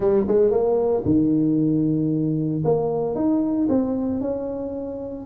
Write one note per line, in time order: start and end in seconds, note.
0.00 0.25 G3
0.27 0.50 G#3
0.50 1.03 A#3
1.05 2.63 D#3
2.64 3.15 A#3
3.15 3.67 D#4
3.68 4.20 C4
4.20 5.25 C#4